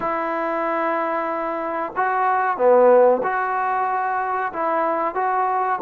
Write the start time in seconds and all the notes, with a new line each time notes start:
0.00 E4
1.95 F#4
2.57 B3
3.23 F#4
4.52 E4
5.14 F#4